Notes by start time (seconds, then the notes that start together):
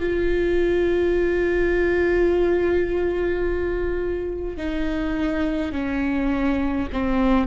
0.00 F4
4.57 D#4
5.72 C#4
6.93 C4